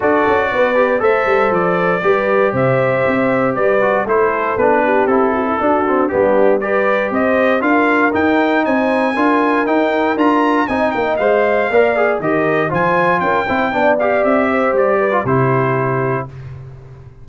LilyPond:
<<
  \new Staff \with { instrumentName = "trumpet" } { \time 4/4 \tempo 4 = 118 d''2 e''4 d''4~ | d''4 e''2 d''4 | c''4 b'4 a'2 | g'4 d''4 dis''4 f''4 |
g''4 gis''2 g''4 | ais''4 gis''8 g''8 f''2 | dis''4 gis''4 g''4. f''8 | e''4 d''4 c''2 | }
  \new Staff \with { instrumentName = "horn" } { \time 4/4 a'4 b'4 c''2 | b'4 c''2 b'4 | a'4. g'4 fis'16 e'16 fis'4 | d'4 b'4 c''4 ais'4~ |
ais'4 c''4 ais'2~ | ais'4 dis''2 d''4 | ais'4 c''4 ais'8 c''8 d''4~ | d''8 c''4 b'8 g'2 | }
  \new Staff \with { instrumentName = "trombone" } { \time 4/4 fis'4. g'8 a'2 | g'2.~ g'8 fis'8 | e'4 d'4 e'4 d'8 c'8 | b4 g'2 f'4 |
dis'2 f'4 dis'4 | f'4 dis'4 c''4 ais'8 gis'8 | g'4 f'4. e'8 d'8 g'8~ | g'4.~ g'16 f'16 e'2 | }
  \new Staff \with { instrumentName = "tuba" } { \time 4/4 d'8 cis'8 b4 a8 g8 f4 | g4 c4 c'4 g4 | a4 b4 c'4 d'4 | g2 c'4 d'4 |
dis'4 c'4 d'4 dis'4 | d'4 c'8 ais8 gis4 ais4 | dis4 f4 cis'8 c'8 b4 | c'4 g4 c2 | }
>>